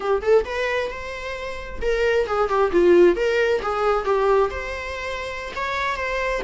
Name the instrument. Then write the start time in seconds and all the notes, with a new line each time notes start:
viola
0.00 G4
0.22 A4
0.44 B4
0.90 C5
1.81 A#4
2.27 G#4
2.48 G4
2.71 F4
3.16 A#4
3.62 G#4
4.04 G4
4.50 C5
5.55 C#5
5.96 C5